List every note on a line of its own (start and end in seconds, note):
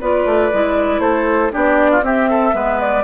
0.00 0.25 B3
0.00 0.52 F4
0.00 1.01 B4
0.00 1.00 D5
0.25 0.51 A3
0.53 0.99 G#3
0.53 1.51 E4
0.99 1.50 A3
0.99 1.52 A4
0.99 1.51 C5
1.51 2.01 B3
1.51 2.01 D4
1.51 1.91 G4
1.51 2.04 D5
1.91 2.03 F4
2.01 2.52 C4
2.01 2.30 G4
2.01 2.81 E5
2.30 2.55 A4
2.52 3.04 G#3
2.52 3.03 B3
2.52 3.04 B4
2.81 3.04 D5